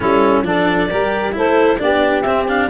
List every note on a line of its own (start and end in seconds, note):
0.00 0.42 G3
0.00 0.44 C#4
0.00 0.45 E4
0.00 0.45 A4
0.42 0.88 F3
0.42 0.89 D4
0.42 0.89 A4
0.42 1.36 D5
0.89 1.35 G3
0.89 1.32 G4
0.89 1.34 A#4
1.32 1.81 A3
1.32 1.77 E4
1.32 1.80 A4
1.32 1.79 C5
1.78 2.25 B3
1.78 2.23 D4
1.78 2.69 G4
1.78 2.21 D5
2.21 2.69 C4
2.21 2.48 C4
2.21 2.44 E5
2.47 2.69 D4
2.47 2.69 F5